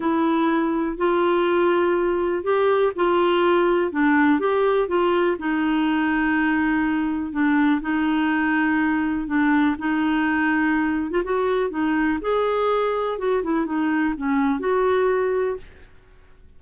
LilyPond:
\new Staff \with { instrumentName = "clarinet" } { \time 4/4 \tempo 4 = 123 e'2 f'2~ | f'4 g'4 f'2 | d'4 g'4 f'4 dis'4~ | dis'2. d'4 |
dis'2. d'4 | dis'2~ dis'8. f'16 fis'4 | dis'4 gis'2 fis'8 e'8 | dis'4 cis'4 fis'2 | }